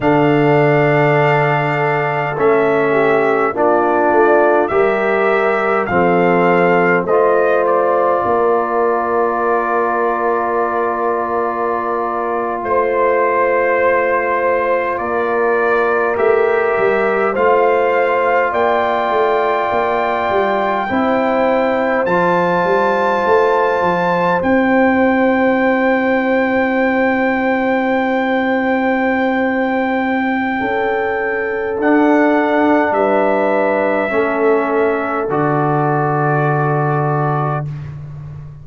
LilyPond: <<
  \new Staff \with { instrumentName = "trumpet" } { \time 4/4 \tempo 4 = 51 f''2 e''4 d''4 | e''4 f''4 dis''8 d''4.~ | d''2~ d''8. c''4~ c''16~ | c''8. d''4 e''4 f''4 g''16~ |
g''2~ g''8. a''4~ a''16~ | a''8. g''2.~ g''16~ | g''2. fis''4 | e''2 d''2 | }
  \new Staff \with { instrumentName = "horn" } { \time 4/4 a'2~ a'8 g'8 f'4 | ais'4 a'4 c''4 ais'4~ | ais'2~ ais'8. c''4~ c''16~ | c''8. ais'2 c''4 d''16~ |
d''4.~ d''16 c''2~ c''16~ | c''1~ | c''2 a'2 | b'4 a'2. | }
  \new Staff \with { instrumentName = "trombone" } { \time 4/4 d'2 cis'4 d'4 | g'4 c'4 f'2~ | f'1~ | f'4.~ f'16 g'4 f'4~ f'16~ |
f'4.~ f'16 e'4 f'4~ f'16~ | f'8. e'2.~ e'16~ | e'2. d'4~ | d'4 cis'4 fis'2 | }
  \new Staff \with { instrumentName = "tuba" } { \time 4/4 d2 a4 ais8 a8 | g4 f4 a4 ais4~ | ais2~ ais8. a4~ a16~ | a8. ais4 a8 g8 a4 ais16~ |
ais16 a8 ais8 g8 c'4 f8 g8 a16~ | a16 f8 c'2.~ c'16~ | c'2 cis'4 d'4 | g4 a4 d2 | }
>>